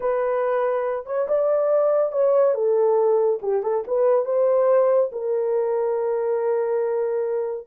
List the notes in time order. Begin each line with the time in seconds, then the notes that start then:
0.00 B4
1.05 C#5
1.28 D5
2.12 C#5
2.54 A4
3.42 G4
3.62 A4
3.87 B4
4.25 C5
5.12 A#4